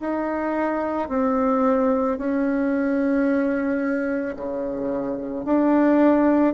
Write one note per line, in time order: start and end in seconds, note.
0.00 1.09 D#4
1.09 2.18 C4
2.18 4.36 C#4
4.36 5.45 C#3
5.45 6.54 D4